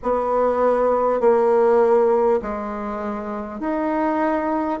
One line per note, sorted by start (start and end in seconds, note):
0.03 1.20 B3
1.20 2.40 A#3
2.42 3.60 G#3
3.60 4.80 D#4